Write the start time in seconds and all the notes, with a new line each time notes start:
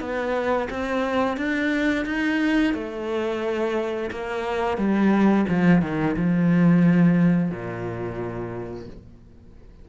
0.00 B3
0.70 C4
1.37 D4
2.05 D#4
2.74 A3
4.11 A#3
4.77 G3
5.49 F3
5.82 D#3
6.16 F3
7.51 A#2